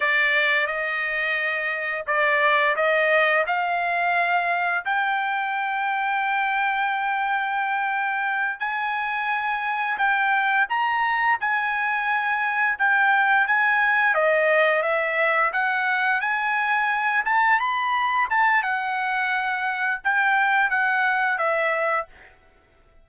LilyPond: \new Staff \with { instrumentName = "trumpet" } { \time 4/4 \tempo 4 = 87 d''4 dis''2 d''4 | dis''4 f''2 g''4~ | g''1~ | g''8 gis''2 g''4 ais''8~ |
ais''8 gis''2 g''4 gis''8~ | gis''8 dis''4 e''4 fis''4 gis''8~ | gis''4 a''8 b''4 a''8 fis''4~ | fis''4 g''4 fis''4 e''4 | }